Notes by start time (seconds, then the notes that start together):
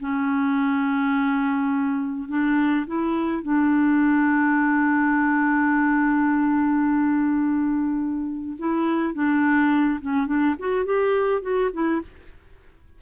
0.00 C#4
2.29 D4
2.87 E4
3.43 D4
8.59 E4
9.14 D4
10.01 C#4
10.26 D4
10.59 F#4
10.85 G4
11.42 F#4
11.73 E4